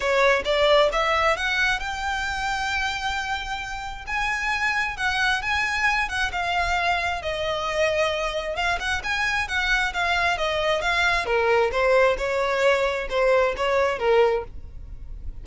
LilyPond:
\new Staff \with { instrumentName = "violin" } { \time 4/4 \tempo 4 = 133 cis''4 d''4 e''4 fis''4 | g''1~ | g''4 gis''2 fis''4 | gis''4. fis''8 f''2 |
dis''2. f''8 fis''8 | gis''4 fis''4 f''4 dis''4 | f''4 ais'4 c''4 cis''4~ | cis''4 c''4 cis''4 ais'4 | }